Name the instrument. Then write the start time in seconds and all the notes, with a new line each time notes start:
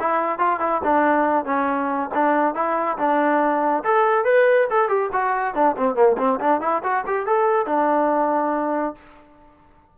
trombone
0.00 E4
0.39 F4
0.60 E4
0.84 D4
1.45 C#4
2.14 D4
2.55 E4
2.98 D4
3.84 A4
4.24 B4
4.70 A4
4.89 G4
5.13 F#4
5.55 D4
5.77 C4
5.95 A#3
6.18 C4
6.40 D4
6.61 E4
6.83 F#4
7.07 G4
7.26 A4
7.66 D4